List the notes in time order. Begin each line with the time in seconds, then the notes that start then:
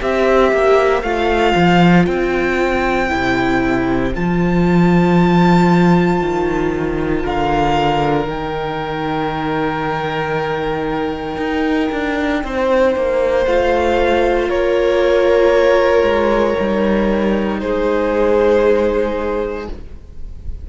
0.00 C4 G4 C5 E5
0.52 A#3
1.02 A3 F4 F5
1.55 F3
2.06 C4 G5
3.09 C3 E4
4.14 F3 F4 A5
6.20 D#3
7.23 D3 A#4 F5
8.26 D#3 D#4 G5
11.37 D#4
11.92 D4
12.44 C4 C5
12.95 A#3
13.46 A3 F4 F5
14.48 A#3 A#4 C#5
16.02 G#3
16.59 G3 D#4
17.59 G#3 G#4 C5